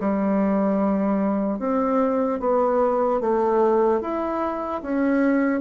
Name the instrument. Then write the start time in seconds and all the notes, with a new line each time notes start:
bassoon
0.00 G3
1.59 C4
2.40 B3
3.21 A3
4.01 E4
4.82 C#4